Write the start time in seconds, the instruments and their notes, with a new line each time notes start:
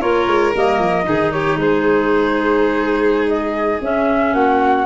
0.00 tuba A#3, clarinet F4, violin A#4, flute C#5
0.27 tuba G#3
0.54 tuba G3, clarinet A#3, flute D#5
0.79 tuba F3
1.04 tuba D#3, clarinet D#4, violin G#4
1.32 violin G4, flute C#5
1.55 tuba G#3, violin G#4, flute C5
3.28 flute D#5
3.81 tuba C#4, clarinet C#4, flute E5
4.34 tuba A#3, violin F#4, flute F#5